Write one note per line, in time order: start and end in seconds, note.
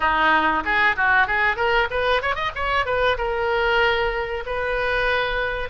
0.00 0.63 D#4
0.64 0.96 G#4
0.96 1.27 F#4
1.27 1.56 G#4
1.56 1.88 A#4
1.90 2.21 B4
2.22 2.35 C#5
2.35 2.51 D#5
2.55 2.85 C#5
2.85 3.17 B4
3.17 4.44 A#4
4.46 5.69 B4